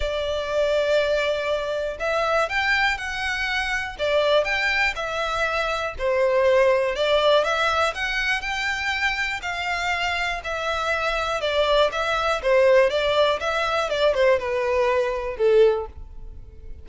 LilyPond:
\new Staff \with { instrumentName = "violin" } { \time 4/4 \tempo 4 = 121 d''1 | e''4 g''4 fis''2 | d''4 g''4 e''2 | c''2 d''4 e''4 |
fis''4 g''2 f''4~ | f''4 e''2 d''4 | e''4 c''4 d''4 e''4 | d''8 c''8 b'2 a'4 | }